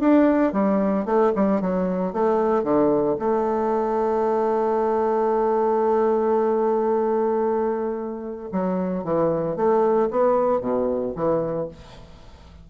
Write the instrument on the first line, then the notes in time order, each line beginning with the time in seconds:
bassoon
0.00 D4
0.53 G3
1.05 A3
1.35 G3
1.61 F#3
2.13 A3
2.64 D3
3.19 A3
8.52 F#3
9.04 E3
9.56 A3
10.11 B3
10.61 B2
11.16 E3